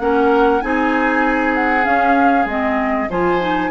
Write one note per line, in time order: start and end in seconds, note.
0.00 0.62 A#3
0.00 0.62 C#4
0.00 0.64 A#4
0.00 0.62 F#5
0.62 1.87 C4
0.62 1.83 D#4
0.62 3.10 G#4
0.62 1.55 G#5
1.55 1.85 F#5
1.83 2.45 C#4
1.83 2.46 C#4
1.83 2.47 F5
2.46 3.08 G#3
2.46 3.10 C4
2.46 3.10 D#5
3.10 3.71 F3
3.10 3.41 F4
3.10 3.71 C5
3.10 3.71 G#5
3.41 3.71 D#4